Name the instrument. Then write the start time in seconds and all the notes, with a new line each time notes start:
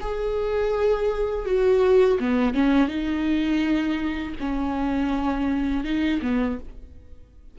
viola
0.00 G#4
1.45 F#4
2.20 B3
2.54 C#4
2.87 D#4
4.39 C#4
5.84 D#4
6.22 B3